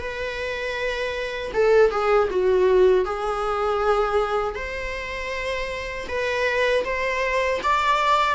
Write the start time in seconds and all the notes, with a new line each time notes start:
0.00 B4
1.54 A4
1.91 G#4
2.31 F#4
3.05 G#4
4.55 C5
6.08 B4
6.85 C5
7.63 D5